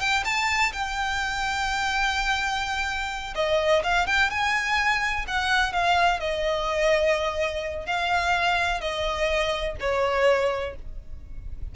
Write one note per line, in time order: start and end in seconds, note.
0.00 0.24 G5
0.25 0.72 A5
0.72 3.34 G5
3.35 3.83 D#5
3.84 4.06 F5
4.06 4.30 G5
4.30 5.26 G#5
5.27 5.72 F#5
5.72 6.20 F5
6.20 7.86 D#5
7.86 8.81 F5
8.81 9.76 D#5
9.80 10.76 C#5